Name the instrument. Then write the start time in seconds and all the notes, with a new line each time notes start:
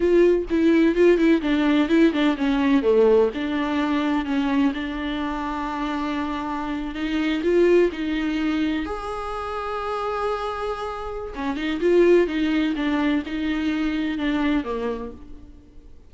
viola
0.00 F4
0.50 E4
0.95 F4
1.17 E4
1.41 D4
1.89 E4
2.12 D4
2.37 C#4
2.82 A3
3.34 D4
4.25 C#4
4.74 D4
6.94 D#4
7.43 F4
7.91 D#4
8.85 G#4
11.35 C#4
11.56 D#4
11.80 F4
12.27 D#4
12.76 D4
13.26 D#4
14.18 D4
14.64 A#3